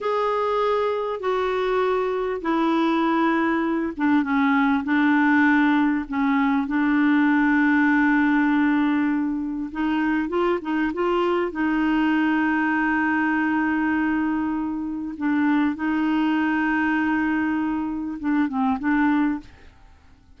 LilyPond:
\new Staff \with { instrumentName = "clarinet" } { \time 4/4 \tempo 4 = 99 gis'2 fis'2 | e'2~ e'8 d'8 cis'4 | d'2 cis'4 d'4~ | d'1 |
dis'4 f'8 dis'8 f'4 dis'4~ | dis'1~ | dis'4 d'4 dis'2~ | dis'2 d'8 c'8 d'4 | }